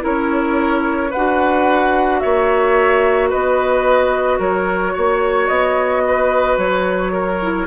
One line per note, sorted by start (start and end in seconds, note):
0.00 1.12 C#4
0.00 1.09 E4
0.00 1.10 A#4
0.00 1.12 C#5
1.10 2.24 D4
1.10 7.42 F#4
1.10 2.19 B4
1.10 2.20 F#5
2.20 3.33 A#3
2.20 3.29 C#5
2.20 3.29 E5
3.29 4.39 B3
3.29 4.38 B4
3.29 4.39 D#5
4.39 4.93 F#3
4.39 4.93 A#4
4.39 5.47 C#5
4.93 5.49 A#3
4.93 6.02 C#5
5.47 6.57 B3
5.47 6.56 D#5
6.07 7.12 B4
6.57 7.66 F#3
6.57 7.66 C#5
7.12 7.66 A#4
7.42 7.66 E4